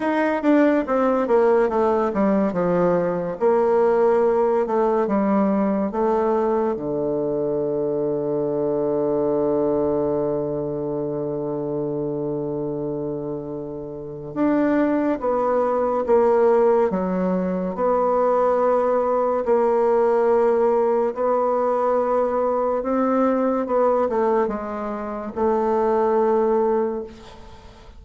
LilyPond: \new Staff \with { instrumentName = "bassoon" } { \time 4/4 \tempo 4 = 71 dis'8 d'8 c'8 ais8 a8 g8 f4 | ais4. a8 g4 a4 | d1~ | d1~ |
d4 d'4 b4 ais4 | fis4 b2 ais4~ | ais4 b2 c'4 | b8 a8 gis4 a2 | }